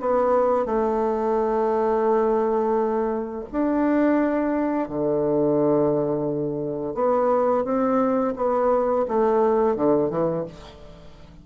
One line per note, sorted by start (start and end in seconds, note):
0.00 0.66 B3
0.66 3.45 A3
3.52 4.88 D4
4.88 6.95 D3
6.95 7.64 B3
7.64 8.34 C4
8.36 9.06 B3
9.08 9.76 A3
9.76 10.10 D3
10.10 10.45 E3